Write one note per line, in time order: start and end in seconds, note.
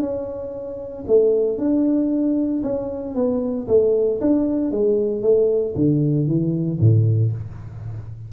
0.00 1.04 C#4
1.07 1.58 A3
1.58 2.63 D4
2.63 3.15 C#4
3.15 3.67 B3
3.68 4.20 A3
4.21 4.71 D4
4.71 5.22 G#3
5.22 5.74 A3
5.75 6.27 D3
6.27 6.79 E3
6.80 7.32 A2